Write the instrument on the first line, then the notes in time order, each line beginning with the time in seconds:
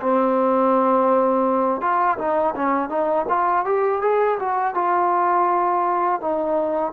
trombone
0.00 C4
1.81 F4
2.18 D#4
2.55 C#4
2.89 D#4
3.29 F4
3.65 G4
4.01 G#4
4.39 F#4
4.74 F4
6.21 D#4